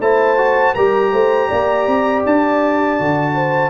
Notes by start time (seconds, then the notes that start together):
0.00 A3 E4 C5 A5
0.37 F#4
0.75 G3 G4 A#4 A#5
1.12 A3 C5
1.48 A#3 D5
1.87 C4
2.26 D4 A5
2.99 D3 F#4
3.35 C5